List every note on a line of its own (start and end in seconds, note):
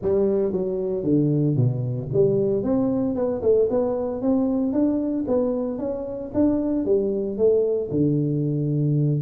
0.02 0.52 G3
0.52 1.03 F#3
1.03 1.56 D3
1.56 2.09 B2
2.13 2.63 G3
2.63 3.15 C4
3.15 3.41 B3
3.42 3.68 A3
3.70 4.21 B3
4.21 4.72 C4
4.72 5.25 D4
5.27 5.78 B3
5.78 6.31 C#4
6.34 6.85 D4
6.85 7.37 G3
7.37 7.90 A3
7.90 9.21 D3